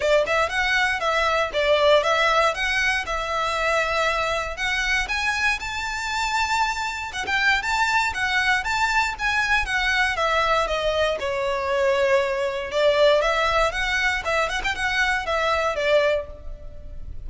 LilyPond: \new Staff \with { instrumentName = "violin" } { \time 4/4 \tempo 4 = 118 d''8 e''8 fis''4 e''4 d''4 | e''4 fis''4 e''2~ | e''4 fis''4 gis''4 a''4~ | a''2 fis''16 g''8. a''4 |
fis''4 a''4 gis''4 fis''4 | e''4 dis''4 cis''2~ | cis''4 d''4 e''4 fis''4 | e''8 fis''16 g''16 fis''4 e''4 d''4 | }